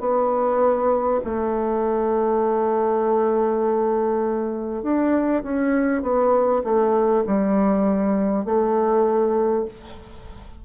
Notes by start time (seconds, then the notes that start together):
0.00 B3
1.24 A3
4.83 D4
5.43 C#4
6.02 B3
6.63 A3
7.27 G3
8.45 A3